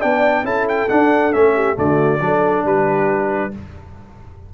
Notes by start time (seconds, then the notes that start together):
0.00 B3 D4 D5 G5
0.43 C#4 E4 A4 A5
0.68 G5
0.89 D4 F#5
1.33 A3 C#4 E5
1.55 G4
1.75 D3 A3 F#4 D5
2.20 F#3 D4 A4
2.65 G3 G4 B4